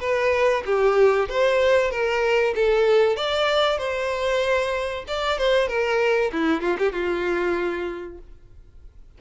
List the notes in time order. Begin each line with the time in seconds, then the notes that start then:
0.00 B4
0.65 G4
1.29 C5
1.91 A#4
2.55 A4
3.16 D5
3.78 C5
5.07 D5
5.38 C5
5.68 A#4
6.32 E4
6.61 F4
6.78 G4
6.92 F4